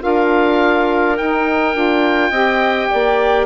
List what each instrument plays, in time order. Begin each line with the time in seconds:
0.00 bassoon D4, saxophone F4, clarinet A#4, oboe F5
1.17 bassoon D#4, saxophone D#4, oboe G5
1.74 bassoon D4, saxophone F4
2.30 bassoon C4, saxophone G4, clarinet D#5
2.90 bassoon A#3, clarinet D5